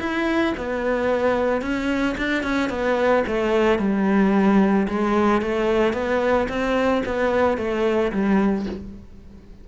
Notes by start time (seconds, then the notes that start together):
0.00 E4
0.57 B3
1.62 C#4
2.18 D4
2.43 C#4
2.70 B3
3.28 A3
3.79 G3
4.88 G#3
5.42 A3
5.94 B3
6.49 C4
7.06 B3
7.58 A3
8.12 G3